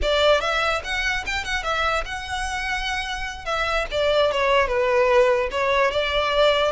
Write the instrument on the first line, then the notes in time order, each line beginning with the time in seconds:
violin
0.01 D5
0.40 E5
0.84 F#5
1.26 G5
1.44 F#5
1.63 E5
2.05 F#5
3.45 E5
3.91 D5
4.31 C#5
4.67 B4
5.51 C#5
5.91 D5